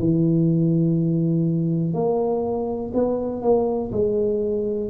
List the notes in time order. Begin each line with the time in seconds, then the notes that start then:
0.00 E3
1.94 A#3
2.94 B3
3.42 A#3
3.92 G#3